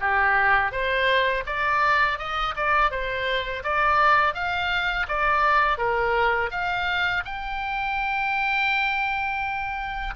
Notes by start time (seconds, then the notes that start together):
0.00 G4
0.71 C5
1.46 D5
2.18 D#5
2.56 D5
2.91 C5
3.63 D5
4.34 F5
5.08 D5
5.78 A#4
6.51 F5
7.25 G5